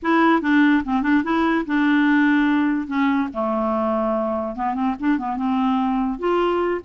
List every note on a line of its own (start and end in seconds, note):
0.02 0.41 E4
0.41 0.83 D4
0.84 1.02 C4
1.02 1.23 D4
1.23 1.65 E4
1.66 2.87 D4
2.87 3.28 C#4
3.33 4.55 A3
4.55 4.74 B3
4.74 4.95 C4
4.99 5.18 D4
5.18 5.36 B3
5.36 6.18 C4
6.18 6.81 F4